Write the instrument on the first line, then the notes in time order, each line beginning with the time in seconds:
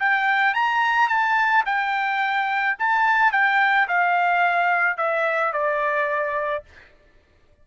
trumpet
0.00 G5
0.55 A#5
1.09 A5
1.66 G5
2.79 A5
3.33 G5
3.89 F5
4.98 E5
5.53 D5